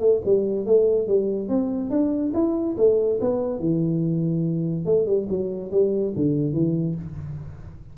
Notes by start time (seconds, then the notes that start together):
0.00 A3
0.25 G3
0.66 A3
1.07 G3
1.49 C4
1.90 D4
2.34 E4
2.77 A3
3.21 B3
3.60 E3
4.86 A3
5.06 G3
5.29 F#3
5.71 G3
6.16 D3
6.53 E3